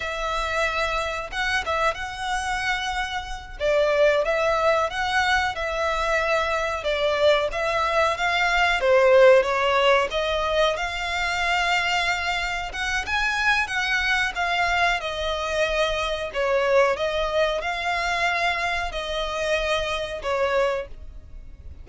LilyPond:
\new Staff \with { instrumentName = "violin" } { \time 4/4 \tempo 4 = 92 e''2 fis''8 e''8 fis''4~ | fis''4. d''4 e''4 fis''8~ | fis''8 e''2 d''4 e''8~ | e''8 f''4 c''4 cis''4 dis''8~ |
dis''8 f''2. fis''8 | gis''4 fis''4 f''4 dis''4~ | dis''4 cis''4 dis''4 f''4~ | f''4 dis''2 cis''4 | }